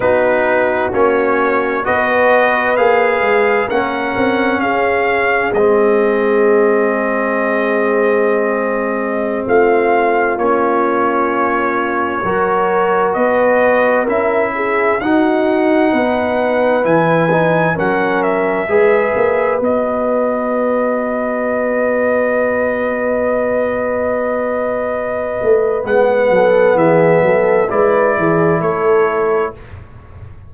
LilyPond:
<<
  \new Staff \with { instrumentName = "trumpet" } { \time 4/4 \tempo 4 = 65 b'4 cis''4 dis''4 f''4 | fis''4 f''4 dis''2~ | dis''2~ dis''16 f''4 cis''8.~ | cis''2~ cis''16 dis''4 e''8.~ |
e''16 fis''2 gis''4 fis''8 e''16~ | e''4~ e''16 dis''2~ dis''8.~ | dis''1 | fis''4 e''4 d''4 cis''4 | }
  \new Staff \with { instrumentName = "horn" } { \time 4/4 fis'2 b'2 | ais'4 gis'2.~ | gis'2~ gis'16 f'4.~ f'16~ | f'4~ f'16 ais'4 b'4 ais'8 gis'16~ |
gis'16 fis'4 b'2 ais'8.~ | ais'16 b'2.~ b'8.~ | b'1~ | b'8 a'8 gis'8 a'8 b'8 gis'8 a'4 | }
  \new Staff \with { instrumentName = "trombone" } { \time 4/4 dis'4 cis'4 fis'4 gis'4 | cis'2 c'2~ | c'2.~ c'16 cis'8.~ | cis'4~ cis'16 fis'2 e'8.~ |
e'16 dis'2 e'8 dis'8 cis'8.~ | cis'16 gis'4 fis'2~ fis'8.~ | fis'1 | b2 e'2 | }
  \new Staff \with { instrumentName = "tuba" } { \time 4/4 b4 ais4 b4 ais8 gis8 | ais8 c'8 cis'4 gis2~ | gis2~ gis16 a4 ais8.~ | ais4~ ais16 fis4 b4 cis'8.~ |
cis'16 dis'4 b4 e4 fis8.~ | fis16 gis8 ais8 b2~ b8.~ | b2.~ b8 a8 | gis8 fis8 e8 fis8 gis8 e8 a4 | }
>>